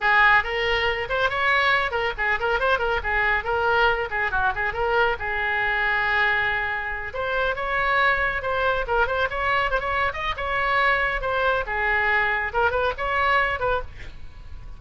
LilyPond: \new Staff \with { instrumentName = "oboe" } { \time 4/4 \tempo 4 = 139 gis'4 ais'4. c''8 cis''4~ | cis''8 ais'8 gis'8 ais'8 c''8 ais'8 gis'4 | ais'4. gis'8 fis'8 gis'8 ais'4 | gis'1~ |
gis'8 c''4 cis''2 c''8~ | c''8 ais'8 c''8 cis''4 c''16 cis''8. dis''8 | cis''2 c''4 gis'4~ | gis'4 ais'8 b'8 cis''4. b'8 | }